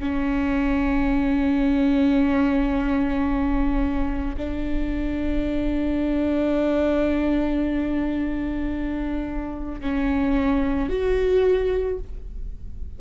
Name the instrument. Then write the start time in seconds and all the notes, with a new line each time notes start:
viola
0.00 C#4
4.37 D4
9.81 C#4
10.89 F#4